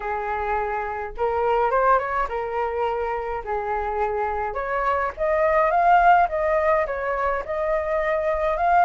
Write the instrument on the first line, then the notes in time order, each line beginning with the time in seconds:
flute
0.00 G#4
1.17 A#4
1.71 C5
1.98 C#5
2.29 A#4
3.44 G#4
4.54 C#5
5.17 D#5
5.70 F5
6.29 D#5
6.86 C#5
7.45 D#5
8.57 F5